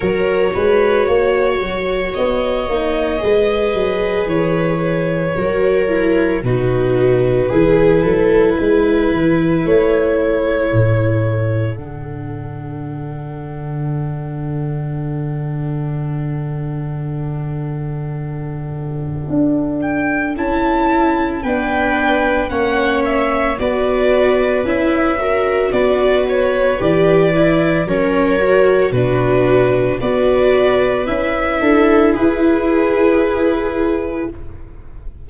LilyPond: <<
  \new Staff \with { instrumentName = "violin" } { \time 4/4 \tempo 4 = 56 cis''2 dis''2 | cis''2 b'2~ | b'4 cis''2 fis''4~ | fis''1~ |
fis''2~ fis''8 g''8 a''4 | g''4 fis''8 e''8 d''4 e''4 | d''8 cis''8 d''4 cis''4 b'4 | d''4 e''4 b'2 | }
  \new Staff \with { instrumentName = "viola" } { \time 4/4 ais'8 b'8 cis''2 b'4~ | b'4 ais'4 fis'4 gis'8 a'8 | b'4. a'2~ a'8~ | a'1~ |
a'1 | b'4 cis''4 b'4. ais'8 | b'2 ais'4 fis'4 | b'4. a'8 gis'2 | }
  \new Staff \with { instrumentName = "viola" } { \time 4/4 fis'2~ fis'8 dis'8 gis'4~ | gis'4 fis'8 e'8 dis'4 e'4~ | e'2. d'4~ | d'1~ |
d'2. e'4 | d'4 cis'4 fis'4 e'8 fis'8~ | fis'4 g'8 e'8 cis'8 fis'8 d'4 | fis'4 e'2. | }
  \new Staff \with { instrumentName = "tuba" } { \time 4/4 fis8 gis8 ais8 fis8 b8 ais8 gis8 fis8 | e4 fis4 b,4 e8 fis8 | gis8 e8 a4 a,4 d4~ | d1~ |
d2 d'4 cis'4 | b4 ais4 b4 cis'4 | b4 e4 fis4 b,4 | b4 cis'8 d'8 e'2 | }
>>